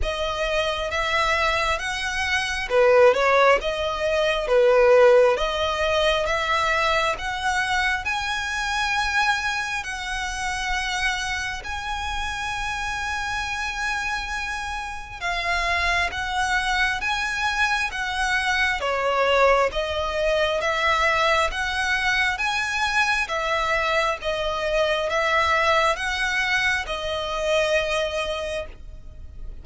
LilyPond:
\new Staff \with { instrumentName = "violin" } { \time 4/4 \tempo 4 = 67 dis''4 e''4 fis''4 b'8 cis''8 | dis''4 b'4 dis''4 e''4 | fis''4 gis''2 fis''4~ | fis''4 gis''2.~ |
gis''4 f''4 fis''4 gis''4 | fis''4 cis''4 dis''4 e''4 | fis''4 gis''4 e''4 dis''4 | e''4 fis''4 dis''2 | }